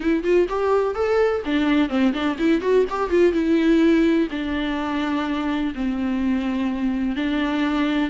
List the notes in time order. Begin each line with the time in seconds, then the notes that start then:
0.00 E4
0.23 F4
0.48 G4
0.95 A4
1.45 D4
1.89 C4
2.13 D4
2.38 E4
2.61 F#4
2.89 G4
3.10 F4
3.32 E4
4.31 D4
5.74 C4
7.16 D4